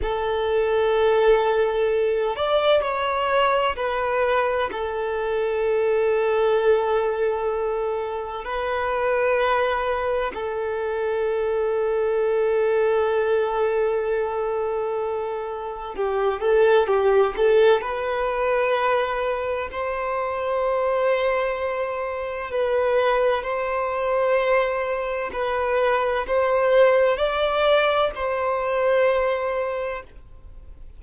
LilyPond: \new Staff \with { instrumentName = "violin" } { \time 4/4 \tempo 4 = 64 a'2~ a'8 d''8 cis''4 | b'4 a'2.~ | a'4 b'2 a'4~ | a'1~ |
a'4 g'8 a'8 g'8 a'8 b'4~ | b'4 c''2. | b'4 c''2 b'4 | c''4 d''4 c''2 | }